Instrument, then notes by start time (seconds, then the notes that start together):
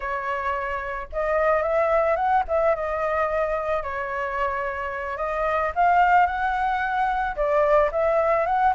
flute
0.00 C#5
1.12 D#5
1.62 E5
2.16 F#5
2.48 E5
2.75 D#5
3.82 C#5
5.17 D#5
5.75 F5
6.26 F#5
7.36 D5
7.91 E5
8.46 F#5